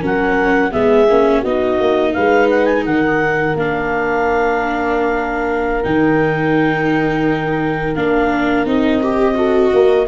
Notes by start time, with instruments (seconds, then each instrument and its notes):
0.00 tuba F#3, viola C#4, horn A#4, clarinet F#5
0.71 tuba G#3, viola B3, horn G#4, clarinet E5
1.09 tuba A#3, viola C#4
1.40 tuba B3, viola D#4, horn F#4, clarinet D#5
1.80 tuba A#3
2.13 tuba G#3, horn B4, clarinet F5
2.50 clarinet F#5
2.65 clarinet G#5
2.85 tuba D#3, horn A#4, clarinet F#5
3.55 tuba A#3, viola D4, clarinet F5
5.83 tuba D#3, viola D#4, clarinet G5
7.95 tuba A#3, viola D4, clarinet F5
8.65 tuba C4, viola D#4, clarinet D#5
9.02 viola G4
9.34 viola F#4, horn A4
9.73 tuba A#3, horn A#4